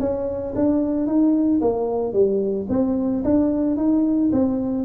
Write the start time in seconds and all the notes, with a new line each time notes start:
0.00 C#4
0.56 D4
1.07 D#4
1.61 A#3
2.13 G3
2.69 C4
3.24 D4
3.77 D#4
4.32 C4